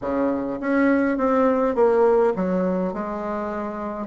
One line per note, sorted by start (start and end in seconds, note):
0.01 0.59 C#3
0.60 1.17 C#4
1.17 1.75 C4
1.75 2.33 A#3
2.36 2.93 F#3
2.93 4.06 G#3